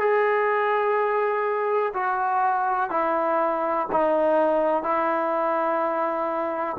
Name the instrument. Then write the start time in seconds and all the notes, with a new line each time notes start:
trombone
0.00 G#4
1.94 F#4
2.91 E4
3.92 D#4
4.83 E4